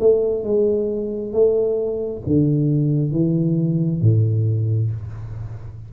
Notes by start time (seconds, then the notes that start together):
0.00 A3
0.44 G#3
1.34 A3
2.27 D3
3.12 E3
4.02 A2